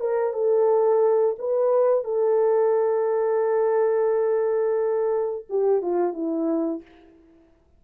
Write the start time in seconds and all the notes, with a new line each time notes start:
0.00 A#4
0.33 A4
1.39 B4
2.04 A4
5.49 G4
5.82 F4
6.13 E4